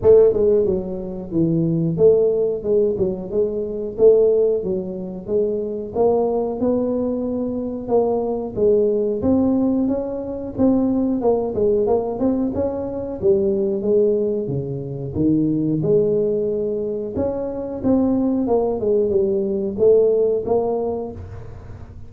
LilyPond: \new Staff \with { instrumentName = "tuba" } { \time 4/4 \tempo 4 = 91 a8 gis8 fis4 e4 a4 | gis8 fis8 gis4 a4 fis4 | gis4 ais4 b2 | ais4 gis4 c'4 cis'4 |
c'4 ais8 gis8 ais8 c'8 cis'4 | g4 gis4 cis4 dis4 | gis2 cis'4 c'4 | ais8 gis8 g4 a4 ais4 | }